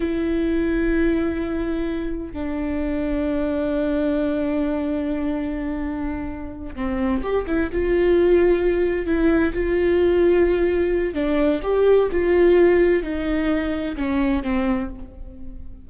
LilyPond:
\new Staff \with { instrumentName = "viola" } { \time 4/4 \tempo 4 = 129 e'1~ | e'4 d'2.~ | d'1~ | d'2~ d'8 c'4 g'8 |
e'8 f'2. e'8~ | e'8 f'2.~ f'8 | d'4 g'4 f'2 | dis'2 cis'4 c'4 | }